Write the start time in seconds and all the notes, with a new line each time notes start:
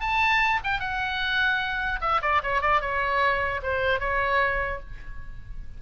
0.00 A5
0.63 G5
0.79 F#5
2.01 E5
2.21 D5
2.43 C#5
2.61 D5
2.81 C#5
3.62 C5
4.00 C#5